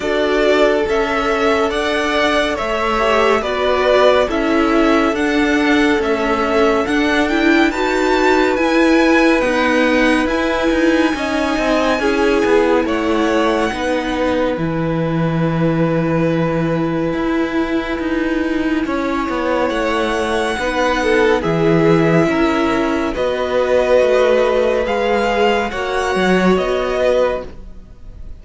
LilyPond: <<
  \new Staff \with { instrumentName = "violin" } { \time 4/4 \tempo 4 = 70 d''4 e''4 fis''4 e''4 | d''4 e''4 fis''4 e''4 | fis''8 g''8 a''4 gis''4 fis''4 | gis''2. fis''4~ |
fis''4 gis''2.~ | gis''2. fis''4~ | fis''4 e''2 dis''4~ | dis''4 f''4 fis''4 dis''4 | }
  \new Staff \with { instrumentName = "violin" } { \time 4/4 a'2 d''4 cis''4 | b'4 a'2.~ | a'4 b'2.~ | b'4 dis''4 gis'4 cis''4 |
b'1~ | b'2 cis''2 | b'8 a'8 gis'4 ais'4 b'4~ | b'2 cis''4. b'8 | }
  \new Staff \with { instrumentName = "viola" } { \time 4/4 fis'4 a'2~ a'8 g'8 | fis'4 e'4 d'4 a4 | d'8 e'8 fis'4 e'4 b4 | e'4 dis'4 e'2 |
dis'4 e'2.~ | e'1 | dis'4 e'2 fis'4~ | fis'4 gis'4 fis'2 | }
  \new Staff \with { instrumentName = "cello" } { \time 4/4 d'4 cis'4 d'4 a4 | b4 cis'4 d'4 cis'4 | d'4 dis'4 e'4 dis'4 | e'8 dis'8 cis'8 c'8 cis'8 b8 a4 |
b4 e2. | e'4 dis'4 cis'8 b8 a4 | b4 e4 cis'4 b4 | a4 gis4 ais8 fis8 b4 | }
>>